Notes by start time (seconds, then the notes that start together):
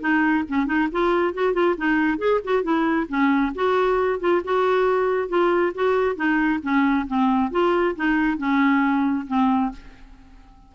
0.00 D#4
0.49 C#4
0.66 D#4
0.91 F4
1.34 F#4
1.53 F4
1.77 D#4
2.18 G#4
2.44 F#4
2.63 E4
3.08 C#4
3.55 F#4
4.20 F4
4.44 F#4
5.28 F4
5.75 F#4
6.16 D#4
6.62 C#4
7.07 C4
7.51 F4
7.96 D#4
8.38 C#4
9.27 C4